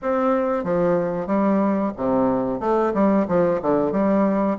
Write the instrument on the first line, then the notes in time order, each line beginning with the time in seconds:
bassoon
0.02 C4
0.63 F3
1.27 G3
1.97 C3
2.60 A3
2.93 G3
3.28 F3
3.62 D3
3.91 G3